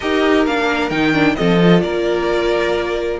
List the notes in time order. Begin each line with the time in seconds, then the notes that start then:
0.00 D#4 G4 A#4 D#5
0.46 A#3 D4 F5
0.90 D#3 D#4 G5
1.12 D4
1.35 F3 C4 A4 D#5
1.61 F4
1.81 A#3 A#4 D5